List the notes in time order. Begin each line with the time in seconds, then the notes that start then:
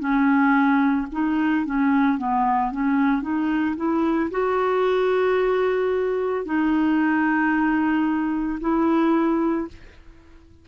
0.00 C#4
1.12 D#4
1.66 C#4
2.18 B3
2.72 C#4
3.22 D#4
3.76 E4
4.31 F#4
6.45 D#4
8.61 E4